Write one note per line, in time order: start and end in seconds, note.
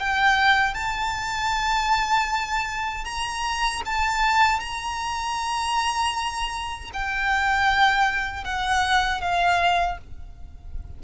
0.00 0.74 G5
0.74 3.05 A5
3.05 3.82 A#5
3.85 4.60 A5
4.60 6.91 A#5
6.93 8.44 G5
8.44 9.21 F#5
9.21 9.98 F5